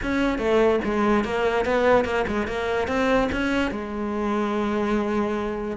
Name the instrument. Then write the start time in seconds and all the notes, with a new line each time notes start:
cello
0.02 C#4
0.38 A3
0.84 G#3
1.24 A#3
1.65 B3
2.04 A#3
2.27 G#3
2.47 A#3
2.87 C4
3.32 C#4
3.71 G#3